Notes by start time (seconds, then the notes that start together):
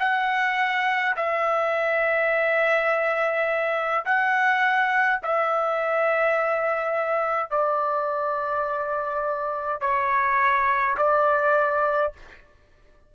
0.00 F#5
1.17 E5
4.05 F#5
5.23 E5
7.51 D5
9.81 C#5
10.98 D5